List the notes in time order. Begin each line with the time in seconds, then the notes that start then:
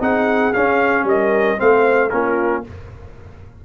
0.00 C4 D#4 G#4 F#5
0.53 C#4 F5
1.04 G3 A#4 D#5
1.57 A3 C4 C5 F5
2.10 A#3 C#4 F4 A#4